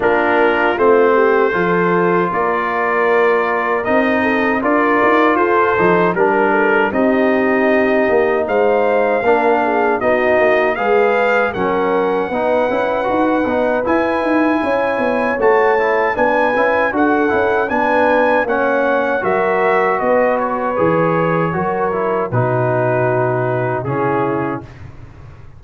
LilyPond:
<<
  \new Staff \with { instrumentName = "trumpet" } { \time 4/4 \tempo 4 = 78 ais'4 c''2 d''4~ | d''4 dis''4 d''4 c''4 | ais'4 dis''2 f''4~ | f''4 dis''4 f''4 fis''4~ |
fis''2 gis''2 | a''4 gis''4 fis''4 gis''4 | fis''4 e''4 dis''8 cis''4.~ | cis''4 b'2 gis'4 | }
  \new Staff \with { instrumentName = "horn" } { \time 4/4 f'4. g'8 a'4 ais'4~ | ais'4. a'8 ais'4 a'4 | ais'8 a'8 g'2 c''4 | ais'8 gis'8 fis'4 b'4 ais'4 |
b'2. cis''4~ | cis''4 b'4 a'4 b'4 | cis''4 ais'4 b'2 | ais'4 fis'2 e'4 | }
  \new Staff \with { instrumentName = "trombone" } { \time 4/4 d'4 c'4 f'2~ | f'4 dis'4 f'4. dis'8 | d'4 dis'2. | d'4 dis'4 gis'4 cis'4 |
dis'8 e'8 fis'8 dis'8 e'2 | fis'8 e'8 d'8 e'8 fis'8 e'8 d'4 | cis'4 fis'2 gis'4 | fis'8 e'8 dis'2 cis'4 | }
  \new Staff \with { instrumentName = "tuba" } { \time 4/4 ais4 a4 f4 ais4~ | ais4 c'4 d'8 dis'8 f'8 f8 | g4 c'4. ais8 gis4 | ais4 b8 ais8 gis4 fis4 |
b8 cis'8 dis'8 b8 e'8 dis'8 cis'8 b8 | a4 b8 cis'8 d'8 cis'8 b4 | ais4 fis4 b4 e4 | fis4 b,2 cis4 | }
>>